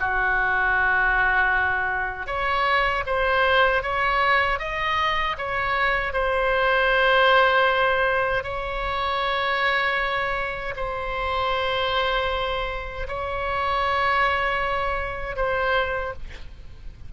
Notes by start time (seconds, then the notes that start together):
0.00 F#4
2.27 C#5
3.06 C5
3.83 C#5
4.59 D#5
5.38 C#5
6.13 C5
8.44 C#5
10.77 C5
13.08 C#5
15.36 C5